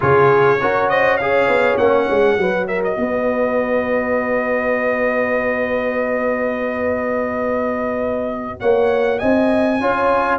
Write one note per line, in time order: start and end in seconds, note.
0.00 0.60 C#3
0.00 0.57 F4
0.00 0.60 G#4
0.00 0.89 C#5
0.60 1.48 C#4
0.60 1.20 F#4
0.60 0.90 A#4
0.89 1.20 C5
0.89 1.17 D#5
1.17 1.80 G#4
1.17 2.39 C#5
1.17 1.76 F5
1.48 1.77 B3
1.77 2.08 A#3
1.77 2.38 C#4
1.77 2.66 F#5
2.10 2.37 G#3
2.37 2.96 F#3
2.37 9.80 F#4
2.37 2.67 B4
2.67 2.97 A#4
2.67 2.82 E5
2.84 8.60 D#5
2.96 8.61 B3
2.96 8.60 B4
8.60 9.21 A#3
8.60 9.19 C#5
8.60 9.18 F#5
9.18 9.81 C4
9.18 9.78 D#5
9.18 10.37 G#5
9.80 10.39 C#4
9.80 10.39 F4
9.80 10.39 C#5